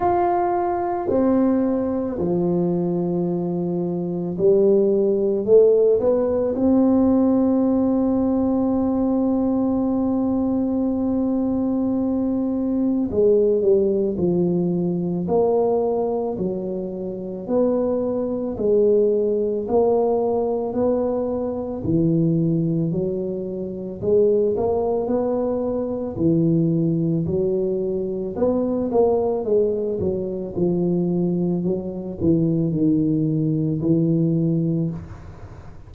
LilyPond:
\new Staff \with { instrumentName = "tuba" } { \time 4/4 \tempo 4 = 55 f'4 c'4 f2 | g4 a8 b8 c'2~ | c'1 | gis8 g8 f4 ais4 fis4 |
b4 gis4 ais4 b4 | e4 fis4 gis8 ais8 b4 | e4 fis4 b8 ais8 gis8 fis8 | f4 fis8 e8 dis4 e4 | }